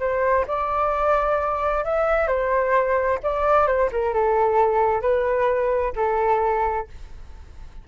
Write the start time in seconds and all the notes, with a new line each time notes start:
0.00 C5
0.48 D5
1.85 E5
2.28 C5
3.24 D5
3.67 C5
3.92 A#4
4.14 A4
5.02 B4
5.96 A4